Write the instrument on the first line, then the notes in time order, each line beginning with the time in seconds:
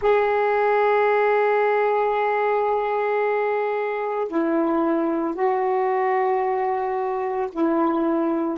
saxophone
0.01 G#4
4.28 E4
5.35 F#4
7.52 E4